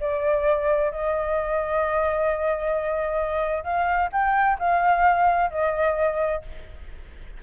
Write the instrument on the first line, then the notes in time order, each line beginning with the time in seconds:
flute
0.00 D5
0.91 D#5
3.64 F5
4.12 G5
4.59 F5
5.51 D#5